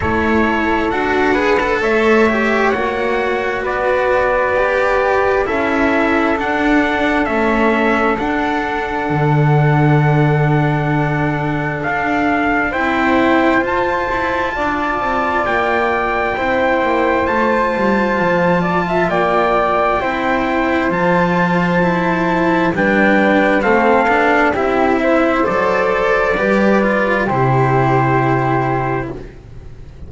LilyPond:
<<
  \new Staff \with { instrumentName = "trumpet" } { \time 4/4 \tempo 4 = 66 cis''4 fis''4 e''4 fis''4 | d''2 e''4 fis''4 | e''4 fis''2.~ | fis''4 f''4 g''4 a''4~ |
a''4 g''2 a''4~ | a''4 g''2 a''4~ | a''4 g''4 f''4 e''4 | d''2 c''2 | }
  \new Staff \with { instrumentName = "flute" } { \time 4/4 a'4. b'8 cis''2 | b'2 a'2~ | a'1~ | a'2 c''2 |
d''2 c''2~ | c''8 d''16 e''16 d''4 c''2~ | c''4 b'4 a'4 g'8 c''8~ | c''4 b'4 g'2 | }
  \new Staff \with { instrumentName = "cello" } { \time 4/4 e'4 fis'8 gis'16 a'8. g'8 fis'4~ | fis'4 g'4 e'4 d'4 | cis'4 d'2.~ | d'2 e'4 f'4~ |
f'2 e'4 f'4~ | f'2 e'4 f'4 | e'4 d'4 c'8 d'8 e'4 | a'4 g'8 f'8 e'2 | }
  \new Staff \with { instrumentName = "double bass" } { \time 4/4 a4 d'4 a4 ais4 | b2 cis'4 d'4 | a4 d'4 d2~ | d4 d'4 c'4 f'8 e'8 |
d'8 c'8 ais4 c'8 ais8 a8 g8 | f4 ais4 c'4 f4~ | f4 g4 a8 b8 c'4 | fis4 g4 c2 | }
>>